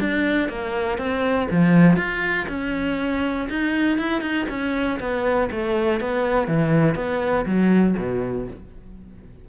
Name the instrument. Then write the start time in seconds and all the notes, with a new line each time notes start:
cello
0.00 D4
0.49 A#3
0.98 C4
1.51 F3
1.96 F4
2.48 C#4
3.50 D#4
3.98 E4
4.21 D#4
4.49 C#4
4.99 B3
5.51 A3
6.00 B3
6.47 E3
6.95 B3
7.45 F#3
7.97 B2